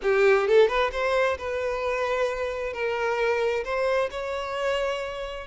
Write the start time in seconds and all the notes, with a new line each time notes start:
0.02 G4
0.47 A4
0.68 B4
0.92 C5
1.38 B4
2.73 A#4
3.64 C5
4.10 C#5